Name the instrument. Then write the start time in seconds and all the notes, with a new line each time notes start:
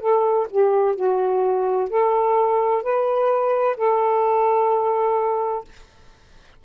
saxophone
0.00 A4
0.51 G4
0.96 F#4
1.90 A4
2.83 B4
3.77 A4